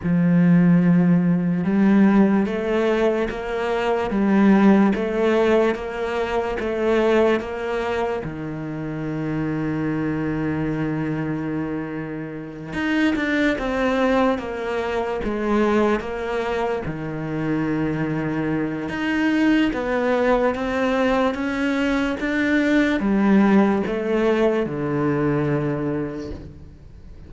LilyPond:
\new Staff \with { instrumentName = "cello" } { \time 4/4 \tempo 4 = 73 f2 g4 a4 | ais4 g4 a4 ais4 | a4 ais4 dis2~ | dis2.~ dis8 dis'8 |
d'8 c'4 ais4 gis4 ais8~ | ais8 dis2~ dis8 dis'4 | b4 c'4 cis'4 d'4 | g4 a4 d2 | }